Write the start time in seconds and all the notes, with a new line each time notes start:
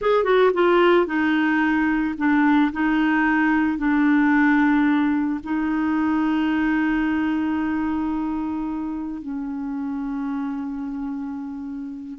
0.01 G#4
0.24 F#4
0.53 F4
1.06 D#4
2.17 D4
2.72 D#4
3.77 D4
5.43 D#4
9.21 C#4